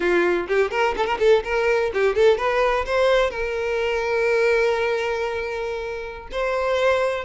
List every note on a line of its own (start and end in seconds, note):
0.00 0.47 F4
0.48 0.71 G4
0.71 0.94 A#4
0.96 1.06 A4
1.06 1.18 A#4
1.19 1.43 A4
1.44 1.91 A#4
1.93 2.15 G4
2.15 2.37 A4
2.37 2.85 B4
2.85 3.30 C5
3.30 6.28 A#4
6.31 7.24 C5